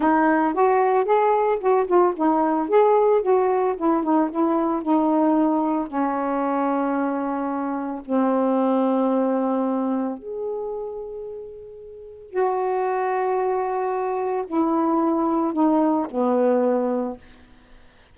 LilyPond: \new Staff \with { instrumentName = "saxophone" } { \time 4/4 \tempo 4 = 112 dis'4 fis'4 gis'4 fis'8 f'8 | dis'4 gis'4 fis'4 e'8 dis'8 | e'4 dis'2 cis'4~ | cis'2. c'4~ |
c'2. gis'4~ | gis'2. fis'4~ | fis'2. e'4~ | e'4 dis'4 b2 | }